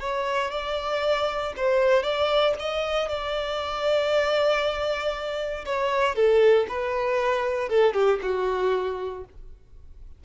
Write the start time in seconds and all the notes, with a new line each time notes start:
0.00 C#5
0.51 D5
1.56 C5
2.03 D5
2.59 D#5
3.09 D5
5.65 C#5
6.15 A4
6.69 B4
7.69 A4
7.94 G4
8.22 F#4